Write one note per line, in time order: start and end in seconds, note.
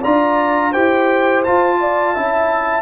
0.00 0.76 D4
0.00 0.74 F4
0.00 0.71 D5
0.00 0.73 A#5
0.72 1.47 E4
0.72 1.45 G4
0.72 1.77 C5
0.72 1.44 G5
1.44 2.16 F4
1.44 2.82 A5
1.80 2.15 D5
2.15 2.82 C#4
2.15 2.82 E4
2.15 2.82 E5